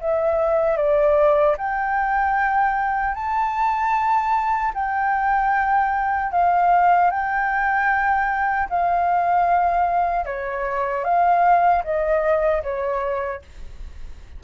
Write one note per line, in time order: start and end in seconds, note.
0.00 0.77 E5
0.77 1.56 D5
1.58 3.15 G5
3.15 4.73 A5
4.74 6.32 G5
6.32 7.11 F5
7.11 8.69 G5
8.69 10.25 F5
10.25 11.04 C#5
11.04 11.83 F5
11.84 12.63 D#5
12.63 13.42 C#5